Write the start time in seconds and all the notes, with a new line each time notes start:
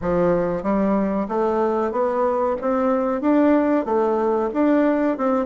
0.01 F3
0.62 G3
1.28 A3
1.91 B3
2.61 C4
3.21 D4
3.85 A3
4.53 D4
5.17 C4